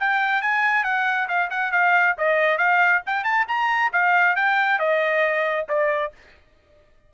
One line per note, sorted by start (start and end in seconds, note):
0.00 0.42 G5
0.42 0.84 G#5
0.84 1.28 F#5
1.28 1.50 F5
1.50 1.72 F#5
1.72 2.16 F5
2.18 2.58 D#5
2.58 3.02 F5
3.07 3.24 G5
3.24 3.46 A5
3.48 3.92 A#5
3.93 4.36 F5
4.36 4.79 G5
4.79 5.67 D#5
5.69 6.13 D5